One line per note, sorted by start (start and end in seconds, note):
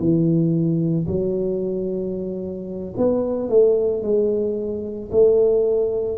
0.00 1.07 E3
1.07 2.95 F#3
2.98 3.50 B3
3.50 4.03 A3
4.03 5.10 G#3
5.12 6.18 A3